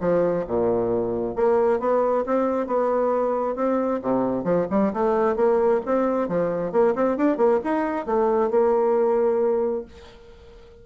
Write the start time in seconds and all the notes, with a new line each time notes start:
0.00 F3
0.47 A#2
1.35 A#3
1.80 B3
2.26 C4
2.67 B3
3.55 C4
4.02 C3
4.44 F3
4.70 G3
4.93 A3
5.36 A#3
5.86 C4
6.28 F3
6.72 A#3
6.95 C4
7.17 D4
7.37 A#3
7.64 D#4
8.06 A3
8.50 A#3